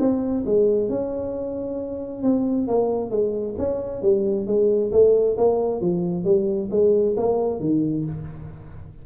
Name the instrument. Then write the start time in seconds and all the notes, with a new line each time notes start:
tuba
0.00 C4
0.46 G#3
0.90 C#4
2.23 C4
2.68 A#3
3.11 G#3
3.58 C#4
4.03 G3
4.47 G#3
4.92 A3
5.37 A#3
5.81 F3
6.25 G3
6.71 G#3
7.17 A#3
7.61 D#3